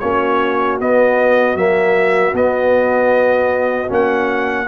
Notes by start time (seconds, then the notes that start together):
0.00 A#3 C#4 F#4 C#5
0.80 B3 D#5
1.56 F#3 A#3 E5
2.33 B3 D#5
3.88 A#3 C#4 F#5